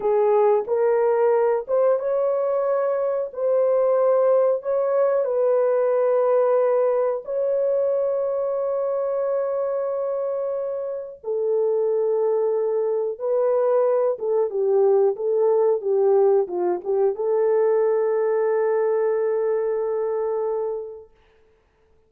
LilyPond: \new Staff \with { instrumentName = "horn" } { \time 4/4 \tempo 4 = 91 gis'4 ais'4. c''8 cis''4~ | cis''4 c''2 cis''4 | b'2. cis''4~ | cis''1~ |
cis''4 a'2. | b'4. a'8 g'4 a'4 | g'4 f'8 g'8 a'2~ | a'1 | }